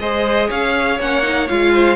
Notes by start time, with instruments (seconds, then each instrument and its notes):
0.00 cello G#3, viola G#4, violin C5 D#5
0.49 cello C#4, violin C#5 F5
1.00 cello A#3, viola C#4, violin F#5
1.23 viola D#4
1.48 cello G#3, viola F4, violin F5
1.74 violin C5